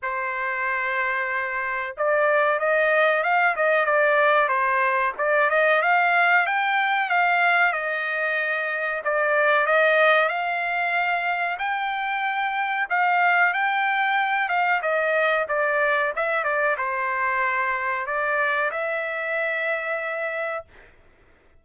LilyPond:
\new Staff \with { instrumentName = "trumpet" } { \time 4/4 \tempo 4 = 93 c''2. d''4 | dis''4 f''8 dis''8 d''4 c''4 | d''8 dis''8 f''4 g''4 f''4 | dis''2 d''4 dis''4 |
f''2 g''2 | f''4 g''4. f''8 dis''4 | d''4 e''8 d''8 c''2 | d''4 e''2. | }